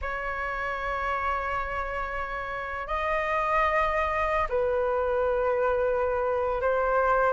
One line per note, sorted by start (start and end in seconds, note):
0.01 2.87 C#5
2.87 4.47 D#5
4.49 6.61 B4
6.61 7.32 C5